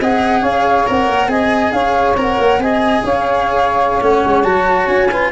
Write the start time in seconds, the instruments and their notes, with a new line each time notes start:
0.00 tuba C4, cello G#4, saxophone D#5, flute F#5
0.40 tuba C#4, saxophone C#5, flute F5
0.87 tuba C4, cello A#4, flute F#5
1.07 tuba A#3
1.27 tuba C4, cello G#4, saxophone D#5, flute G#5
1.72 tuba C#4, saxophone C#5, flute F5
2.15 tuba C4, cello A#4, flute F#5
2.38 tuba A#3
2.58 tuba C4, cello G#4, saxophone D#5, flute G#5
3.04 tuba C#4, saxophone C#5, flute F5
4.01 tuba A3, cello C#4, flute F#5
4.25 tuba G#3
4.43 tuba F#3, cello F#4, flute A5
4.87 tuba C#4, flute G#5
5.10 cello F4, saxophone B4